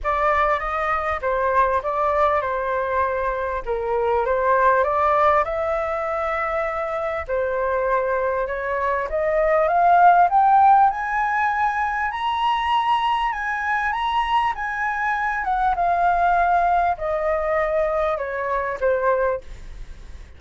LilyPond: \new Staff \with { instrumentName = "flute" } { \time 4/4 \tempo 4 = 99 d''4 dis''4 c''4 d''4 | c''2 ais'4 c''4 | d''4 e''2. | c''2 cis''4 dis''4 |
f''4 g''4 gis''2 | ais''2 gis''4 ais''4 | gis''4. fis''8 f''2 | dis''2 cis''4 c''4 | }